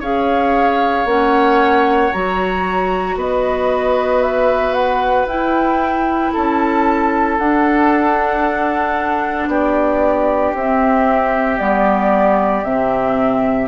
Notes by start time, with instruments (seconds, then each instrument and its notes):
0.00 bassoon C#4, clarinet G#4, oboe C#5, flute F5
1.05 bassoon A#3, clarinet C#4, flute F#5
2.13 bassoon F#3, clarinet F#4, flute A#5
3.16 bassoon B3, oboe B4, flute D#5
4.23 flute E5
4.74 flute F#5
5.26 bassoon E4, clarinet E4, flute G5
6.34 bassoon C#4, oboe A4, flute A5
7.39 bassoon D4, clarinet D4, flute F#5
9.48 bassoon B3, oboe G4, flute D5
10.54 bassoon C4, clarinet C4, flute E5
11.58 bassoon G3, clarinet B3, flute D5
12.64 bassoon C3, clarinet C4, flute E5